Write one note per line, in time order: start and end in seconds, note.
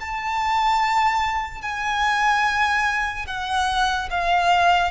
0.00 1.61 A5
1.61 3.26 G#5
3.27 4.09 F#5
4.11 4.91 F5